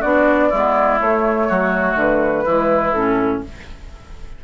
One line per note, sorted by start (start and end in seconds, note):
0.00 0.53 B3
0.00 0.52 D4
0.00 0.49 F#4
0.00 0.99 D5
0.50 1.01 G#3
0.50 1.00 B3
0.50 1.47 E4
1.00 2.46 A3
1.00 1.50 A3
1.00 1.98 C#5
1.49 1.96 F#3
1.49 2.45 F#4
1.96 2.45 D3
1.96 2.92 B4
2.45 2.95 E3
2.45 2.96 G#3
2.45 3.42 E4
2.92 3.43 A2
2.92 3.44 C#4
2.92 3.41 A4